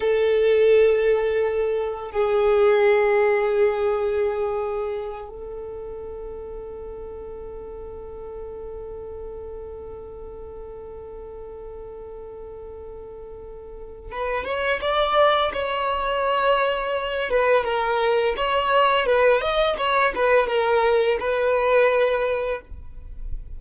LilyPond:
\new Staff \with { instrumentName = "violin" } { \time 4/4 \tempo 4 = 85 a'2. gis'4~ | gis'2.~ gis'8 a'8~ | a'1~ | a'1~ |
a'1 | b'8 cis''8 d''4 cis''2~ | cis''8 b'8 ais'4 cis''4 b'8 dis''8 | cis''8 b'8 ais'4 b'2 | }